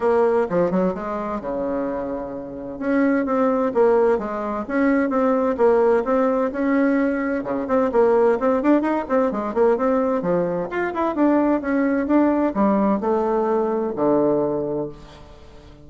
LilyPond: \new Staff \with { instrumentName = "bassoon" } { \time 4/4 \tempo 4 = 129 ais4 f8 fis8 gis4 cis4~ | cis2 cis'4 c'4 | ais4 gis4 cis'4 c'4 | ais4 c'4 cis'2 |
cis8 c'8 ais4 c'8 d'8 dis'8 c'8 | gis8 ais8 c'4 f4 f'8 e'8 | d'4 cis'4 d'4 g4 | a2 d2 | }